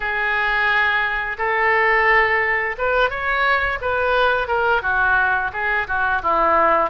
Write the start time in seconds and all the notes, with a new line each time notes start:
0.00 G#4
1.38 A4
2.77 B4
3.10 C#5
3.81 B4
4.47 A#4
4.82 F#4
5.52 G#4
5.87 F#4
6.22 E4